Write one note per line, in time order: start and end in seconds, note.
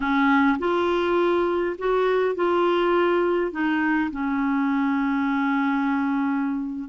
0.00 0.57 C#4
0.58 1.76 F4
1.78 2.35 F#4
2.35 3.51 F4
3.51 4.10 D#4
4.11 6.89 C#4